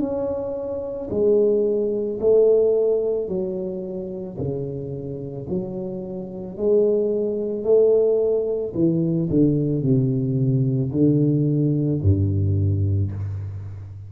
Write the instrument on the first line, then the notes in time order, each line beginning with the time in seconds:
tuba
0.00 C#4
1.11 G#3
2.21 A3
3.29 F#3
4.38 C#3
5.49 F#3
6.58 G#3
7.64 A3
8.75 E3
9.30 D3
9.82 C3
10.92 D3
12.02 G2